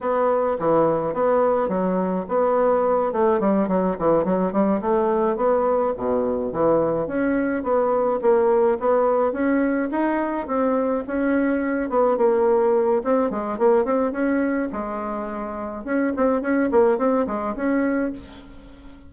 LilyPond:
\new Staff \with { instrumentName = "bassoon" } { \time 4/4 \tempo 4 = 106 b4 e4 b4 fis4 | b4. a8 g8 fis8 e8 fis8 | g8 a4 b4 b,4 e8~ | e8 cis'4 b4 ais4 b8~ |
b8 cis'4 dis'4 c'4 cis'8~ | cis'4 b8 ais4. c'8 gis8 | ais8 c'8 cis'4 gis2 | cis'8 c'8 cis'8 ais8 c'8 gis8 cis'4 | }